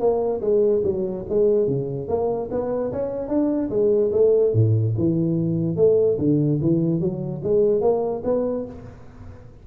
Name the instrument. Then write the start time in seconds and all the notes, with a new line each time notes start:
tuba
0.00 A#3
0.41 G#3
0.84 F#3
1.30 G#3
1.68 C#3
2.08 A#3
2.51 B3
2.93 C#4
3.29 D4
3.70 G#3
4.13 A3
4.54 A2
4.98 E3
5.77 A3
6.19 D3
6.62 E3
7.01 F#3
7.44 G#3
7.82 A#3
8.25 B3